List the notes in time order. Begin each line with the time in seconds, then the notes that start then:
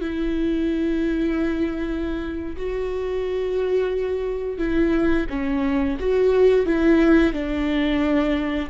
0.00 E4
2.56 F#4
4.58 E4
5.29 C#4
5.99 F#4
6.65 E4
7.33 D4